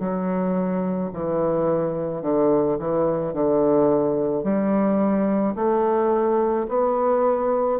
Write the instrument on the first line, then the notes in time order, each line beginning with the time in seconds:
bassoon
0.00 F#3
1.14 E3
2.22 D3
2.79 E3
3.34 D3
4.44 G3
5.56 A3
6.69 B3